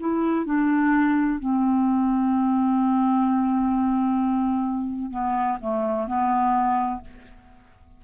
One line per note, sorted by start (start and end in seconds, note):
0.00 0.46 E4
0.46 1.39 D4
1.39 5.11 C4
5.11 5.58 B3
5.61 6.07 A3
6.07 7.01 B3